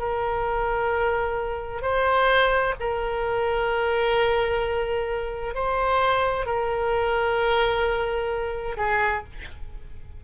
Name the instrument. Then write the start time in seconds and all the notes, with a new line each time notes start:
oboe
0.00 A#4
1.82 C5
2.80 A#4
5.55 C5
6.46 A#4
8.77 G#4